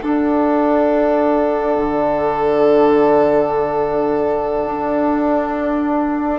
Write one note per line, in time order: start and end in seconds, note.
0.00 1.77 D4
0.00 6.39 D4
0.00 6.39 A4
0.00 6.39 F#5
1.77 4.64 D3
4.66 6.39 D4